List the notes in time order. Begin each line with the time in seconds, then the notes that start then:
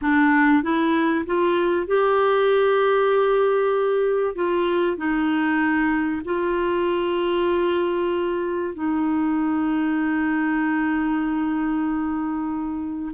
0.01 D4
0.62 E4
1.26 F4
1.86 G4
4.35 F4
4.97 D#4
6.24 F4
8.74 D#4